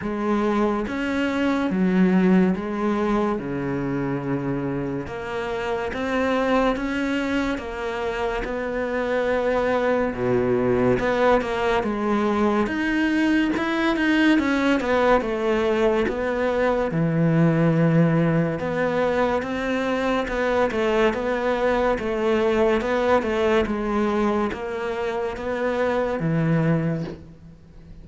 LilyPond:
\new Staff \with { instrumentName = "cello" } { \time 4/4 \tempo 4 = 71 gis4 cis'4 fis4 gis4 | cis2 ais4 c'4 | cis'4 ais4 b2 | b,4 b8 ais8 gis4 dis'4 |
e'8 dis'8 cis'8 b8 a4 b4 | e2 b4 c'4 | b8 a8 b4 a4 b8 a8 | gis4 ais4 b4 e4 | }